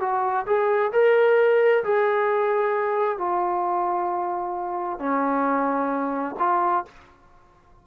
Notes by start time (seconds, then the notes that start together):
0.00 F#4
0.46 G#4
0.92 A#4
1.84 G#4
3.18 F4
4.99 C#4
6.39 F4